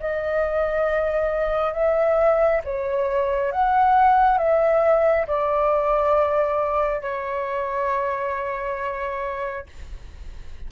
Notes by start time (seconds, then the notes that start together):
0.00 D#5
1.73 E5
2.64 C#5
3.52 F#5
4.38 E5
5.27 D5
7.01 C#5